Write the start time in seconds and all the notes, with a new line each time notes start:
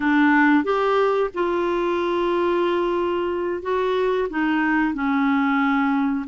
0.00 D4
0.64 G4
1.34 F4
3.62 F#4
4.29 D#4
4.93 C#4